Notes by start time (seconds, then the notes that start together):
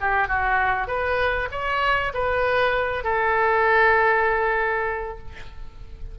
0.00 G4
0.27 F#4
0.87 B4
1.51 C#5
2.13 B4
3.04 A4